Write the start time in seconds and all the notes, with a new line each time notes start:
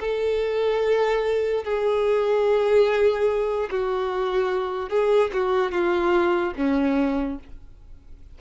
0.00 A4
1.64 G#4
3.70 F#4
4.90 G#4
5.33 F#4
5.72 F4
6.56 C#4